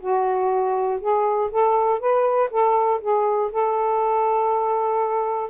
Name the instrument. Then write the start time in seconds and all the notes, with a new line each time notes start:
saxophone
0.00 F#4
1.00 G#4
1.51 A4
2.00 B4
2.51 A4
3.01 G#4
3.52 A4